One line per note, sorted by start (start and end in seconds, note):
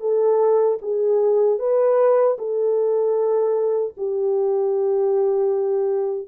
0.00 0.78 A4
0.81 1.59 G#4
1.59 2.37 B4
2.38 3.94 A4
3.97 6.28 G4